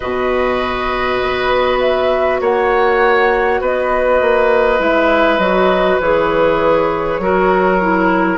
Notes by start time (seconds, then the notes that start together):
0.00 B2 F#4 B4 D#5
1.21 B3
1.79 E5
2.40 A#3 C#5 F#5
3.60 B3 B4 D#5
4.21 A#3
4.79 G#3 E4 E5
5.38 F#3 F#4 D#5
6.00 E3 G#4 C#5
7.19 F#3 F#4 A#4
7.81 E4